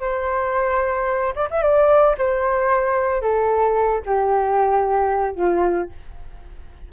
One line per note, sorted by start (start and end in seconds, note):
0.00 1.34 C5
1.35 1.48 D5
1.50 1.62 E5
1.62 2.16 D5
2.18 3.21 C5
3.21 4.02 A4
4.05 5.35 G4
5.35 5.89 F4